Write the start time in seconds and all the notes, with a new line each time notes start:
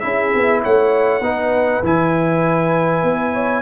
0.00 C#4 E4 G#4 E5
0.34 B3
0.62 A3 C#5 F#5
1.20 B3 D#4 B4
1.83 E3 E4 G#5
3.03 B3
3.33 C#5